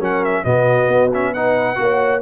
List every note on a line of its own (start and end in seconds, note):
0.00 0.45 F#3
0.00 0.45 C#4
0.00 0.44 A#4
0.00 0.25 F#5
0.25 0.45 E5
0.45 0.88 B2
0.45 1.11 B3
0.45 1.34 F#4
0.45 1.12 D#5
0.88 1.77 B3
1.14 1.36 C#4
1.14 1.34 E5
1.34 1.76 D#4
1.34 1.80 B4
1.34 2.22 F#5
1.76 2.22 A#3
1.76 2.21 F#4
1.76 2.22 C#5